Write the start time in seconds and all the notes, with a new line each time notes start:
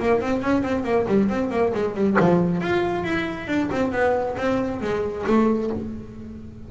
0.00 A#3
0.21 C4
0.42 C#4
0.63 C4
0.84 A#3
1.08 G3
1.29 C4
1.51 A#3
1.74 G#3
1.95 G3
2.20 F3
2.61 F4
3.04 E4
3.48 D4
3.71 C4
3.92 B3
4.37 C4
4.82 G#3
5.27 A3